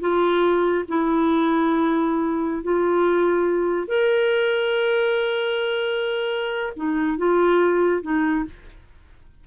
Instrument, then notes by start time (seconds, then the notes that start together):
clarinet
0.00 F4
0.88 E4
2.63 F4
3.88 A#4
6.76 D#4
7.18 F4
8.02 D#4